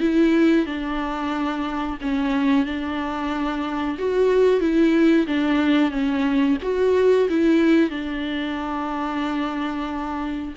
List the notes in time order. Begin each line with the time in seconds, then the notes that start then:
0.00 E4
0.66 D4
2.01 C#4
2.66 D4
3.98 F#4
4.61 E4
5.27 D4
5.91 C#4
6.62 F#4
7.29 E4
7.90 D4